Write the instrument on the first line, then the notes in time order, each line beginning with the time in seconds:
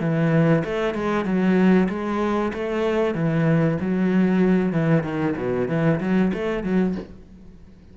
cello
0.00 E3
0.64 A3
0.94 G#3
1.25 F#3
1.89 G#3
2.53 A3
3.14 E3
3.80 F#3
4.72 E3
5.03 D#3
5.36 B2
5.68 E3
6.00 F#3
6.33 A3
6.63 F#3